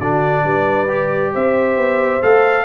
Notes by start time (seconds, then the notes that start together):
0.00 D3 D4 F#4 D5
0.45 G3 B4
0.88 G4
1.34 C4 C5 E5
1.77 B3
2.22 A3 A4 F5